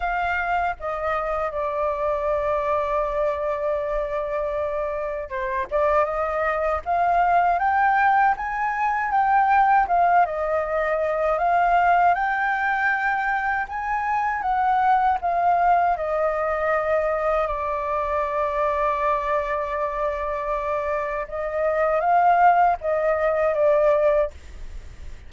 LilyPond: \new Staff \with { instrumentName = "flute" } { \time 4/4 \tempo 4 = 79 f''4 dis''4 d''2~ | d''2. c''8 d''8 | dis''4 f''4 g''4 gis''4 | g''4 f''8 dis''4. f''4 |
g''2 gis''4 fis''4 | f''4 dis''2 d''4~ | d''1 | dis''4 f''4 dis''4 d''4 | }